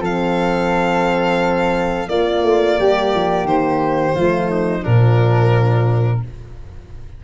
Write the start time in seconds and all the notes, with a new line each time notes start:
0.00 F3 C4 A4 F5
2.08 A#3 F4 D5
2.43 A3
2.79 G3 G4
3.14 F3
3.44 D#3 C5
4.15 F3 A3 F4
4.50 D#4
4.81 A#2 F3 D4 A#4